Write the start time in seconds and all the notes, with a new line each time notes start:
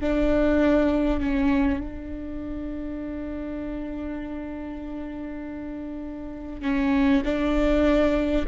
0.00 D4
1.20 C#4
1.80 D4
6.61 C#4
7.24 D4